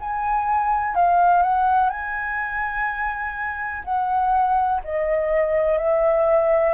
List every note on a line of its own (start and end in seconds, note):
0.00 0.95 G#5
0.95 1.43 F5
1.43 1.90 F#5
1.90 3.83 G#5
3.85 4.82 F#5
4.84 5.78 D#5
5.78 6.74 E5